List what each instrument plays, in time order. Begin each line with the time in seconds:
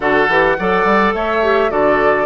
0.00 bassoon D3, clarinet F#4, oboe A4, flute F#5
0.28 bassoon E3, clarinet G4
0.58 bassoon F#3, clarinet A4, oboe D5
0.84 bassoon G3
1.14 bassoon A3, oboe C#5, flute E5
1.42 clarinet G4
1.69 bassoon D3, clarinet F#4, oboe A4, flute D5